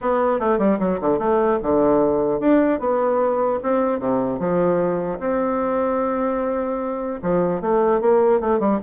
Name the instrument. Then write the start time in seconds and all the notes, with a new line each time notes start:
bassoon
0.01 B3
0.39 A3
0.58 G3
0.79 F#3
1.01 D3
1.18 A3
1.62 D3
2.40 D4
2.79 B3
3.62 C4
3.99 C3
4.39 F3
5.19 C4
7.22 F3
7.61 A3
8.00 A#3
8.40 A3
8.59 G3